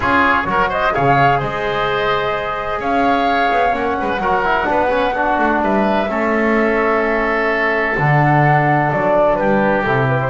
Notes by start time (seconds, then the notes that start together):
0.00 C#4 F4 G#4 C#5
0.45 F#3 F#4 A#4
0.69 C5 D#5
0.93 C#3 G#4 C#5 F5
1.39 G#3 C5 D#5
2.79 C#4 C#5 F5
3.51 B3
3.72 A#3 C#4 F#5
3.99 G#3 B4
4.17 F#3 F#4 A#4
4.44 E4
4.64 B3 D4 B4
4.90 C#4
5.13 D4 F#4
5.38 A3
5.61 G3 B4 E5
6.08 A3 C#4 A4
7.97 D3 D4 F#5
8.91 F#3 D5
9.35 G3 G4 B4
9.83 C3 E4 A4
10.08 B4
10.20 C5